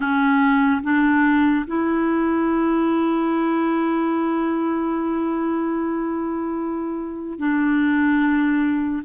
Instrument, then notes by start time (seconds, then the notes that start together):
clarinet
0.00 C#4
0.83 D4
1.66 E4
7.39 D4